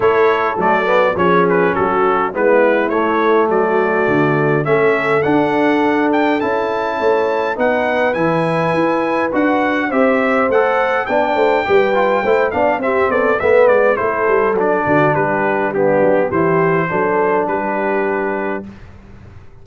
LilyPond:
<<
  \new Staff \with { instrumentName = "trumpet" } { \time 4/4 \tempo 4 = 103 cis''4 d''4 cis''8 b'8 a'4 | b'4 cis''4 d''2 | e''4 fis''4. g''8 a''4~ | a''4 fis''4 gis''2 |
fis''4 e''4 fis''4 g''4~ | g''4. f''8 e''8 d''8 e''8 d''8 | c''4 d''4 b'4 g'4 | c''2 b'2 | }
  \new Staff \with { instrumentName = "horn" } { \time 4/4 a'2 gis'4 fis'4 | e'2 fis'2 | a'1 | cis''4 b'2.~ |
b'4 c''2 d''8 c''8 | b'4 c''8 d''8 g'8 a'8 b'4 | a'4. fis'8 g'4 d'4 | g'4 a'4 g'2 | }
  \new Staff \with { instrumentName = "trombone" } { \time 4/4 e'4 a8 b8 cis'2 | b4 a2. | cis'4 d'2 e'4~ | e'4 dis'4 e'2 |
fis'4 g'4 a'4 d'4 | g'8 f'8 e'8 d'8 c'4 b4 | e'4 d'2 b4 | e'4 d'2. | }
  \new Staff \with { instrumentName = "tuba" } { \time 4/4 a4 fis4 f4 fis4 | gis4 a4 fis4 d4 | a4 d'2 cis'4 | a4 b4 e4 e'4 |
d'4 c'4 a4 b8 a8 | g4 a8 b8 c'8 b8 a8 gis8 | a8 g8 fis8 d8 g4. fis8 | e4 fis4 g2 | }
>>